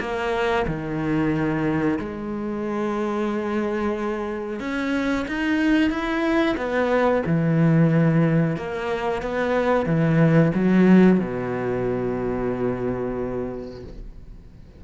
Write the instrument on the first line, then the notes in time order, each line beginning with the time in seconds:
cello
0.00 A#3
0.67 D#3
1.99 G#3
4.60 C#4
5.27 D#4
5.90 E4
6.57 B3
7.26 E3
8.57 A#3
9.22 B3
9.86 E3
10.55 F#3
11.19 B2